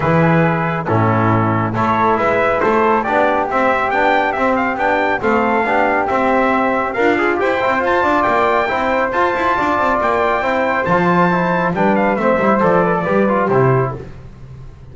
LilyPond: <<
  \new Staff \with { instrumentName = "trumpet" } { \time 4/4 \tempo 4 = 138 b'2 a'2 | cis''4 e''4 c''4 d''4 | e''4 g''4 e''8 f''8 g''4 | f''2 e''2 |
f''4 g''4 a''4 g''4~ | g''4 a''2 g''4~ | g''4 a''2 g''8 f''8 | e''4 d''2 c''4 | }
  \new Staff \with { instrumentName = "flute" } { \time 4/4 gis'2 e'2 | a'4 b'4 a'4 g'4~ | g'1 | a'4 g'2. |
f'4 c''4. d''4. | c''2 d''2 | c''2. b'4 | c''4. b'16 a'16 b'4 g'4 | }
  \new Staff \with { instrumentName = "trombone" } { \time 4/4 e'2 cis'2 | e'2. d'4 | c'4 d'4 c'4 d'4 | c'4 d'4 c'2 |
ais'8 gis'8 g'8 e'8 f'2 | e'4 f'2. | e'4 f'4 e'4 d'4 | c'8 e'8 a'4 g'8 f'8 e'4 | }
  \new Staff \with { instrumentName = "double bass" } { \time 4/4 e2 a,2 | a4 gis4 a4 b4 | c'4 b4 c'4 b4 | a4 b4 c'2 |
d'4 e'8 c'8 f'8 d'8 ais4 | c'4 f'8 e'8 d'8 c'8 ais4 | c'4 f2 g4 | a8 g8 f4 g4 c4 | }
>>